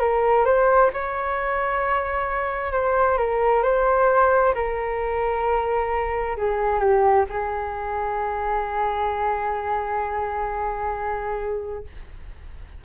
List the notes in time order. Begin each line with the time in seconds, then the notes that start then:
0.00 A#4
0.45 C5
0.93 C#5
2.72 C5
3.18 A#4
3.63 C5
4.55 A#4
6.37 G#4
6.80 G4
7.30 G#4